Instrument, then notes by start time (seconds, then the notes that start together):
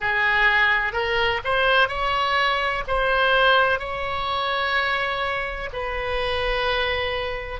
oboe
0.00 G#4
0.93 A#4
1.44 C5
1.88 C#5
2.87 C5
3.79 C#5
5.72 B4